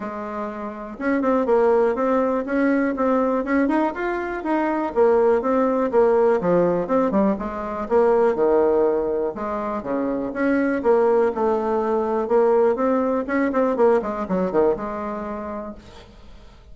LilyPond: \new Staff \with { instrumentName = "bassoon" } { \time 4/4 \tempo 4 = 122 gis2 cis'8 c'8 ais4 | c'4 cis'4 c'4 cis'8 dis'8 | f'4 dis'4 ais4 c'4 | ais4 f4 c'8 g8 gis4 |
ais4 dis2 gis4 | cis4 cis'4 ais4 a4~ | a4 ais4 c'4 cis'8 c'8 | ais8 gis8 fis8 dis8 gis2 | }